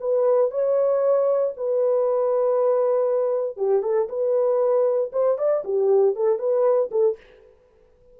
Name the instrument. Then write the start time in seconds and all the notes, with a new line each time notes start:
horn
0.00 B4
0.51 C#5
1.57 B4
3.57 G4
3.82 A4
4.08 B4
5.12 C5
5.38 D5
5.64 G4
6.15 A4
6.38 B4
6.91 A4